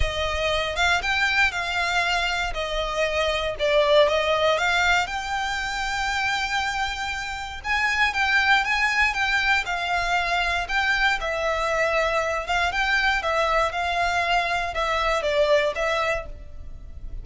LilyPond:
\new Staff \with { instrumentName = "violin" } { \time 4/4 \tempo 4 = 118 dis''4. f''8 g''4 f''4~ | f''4 dis''2 d''4 | dis''4 f''4 g''2~ | g''2. gis''4 |
g''4 gis''4 g''4 f''4~ | f''4 g''4 e''2~ | e''8 f''8 g''4 e''4 f''4~ | f''4 e''4 d''4 e''4 | }